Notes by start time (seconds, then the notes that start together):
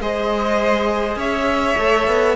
0.00 G#3 G#4 C5 D#5
1.16 C#4 C#5 E5
1.78 A3 A4
2.07 B3